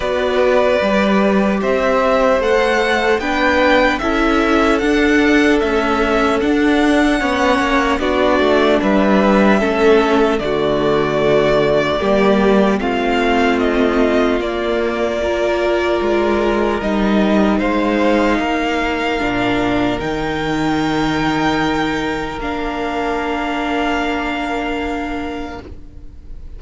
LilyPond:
<<
  \new Staff \with { instrumentName = "violin" } { \time 4/4 \tempo 4 = 75 d''2 e''4 fis''4 | g''4 e''4 fis''4 e''4 | fis''2 d''4 e''4~ | e''4 d''2. |
f''4 dis''4 d''2~ | d''4 dis''4 f''2~ | f''4 g''2. | f''1 | }
  \new Staff \with { instrumentName = "violin" } { \time 4/4 b'2 c''2 | b'4 a'2.~ | a'4 cis''4 fis'4 b'4 | a'4 fis'2 g'4 |
f'2. ais'4~ | ais'2 c''4 ais'4~ | ais'1~ | ais'1 | }
  \new Staff \with { instrumentName = "viola" } { \time 4/4 fis'4 g'2 a'4 | d'4 e'4 d'4 a4 | d'4 cis'4 d'2 | cis'4 a2 ais4 |
c'2 ais4 f'4~ | f'4 dis'2. | d'4 dis'2. | d'1 | }
  \new Staff \with { instrumentName = "cello" } { \time 4/4 b4 g4 c'4 a4 | b4 cis'4 d'4 cis'4 | d'4 b8 ais8 b8 a8 g4 | a4 d2 g4 |
a2 ais2 | gis4 g4 gis4 ais4 | ais,4 dis2. | ais1 | }
>>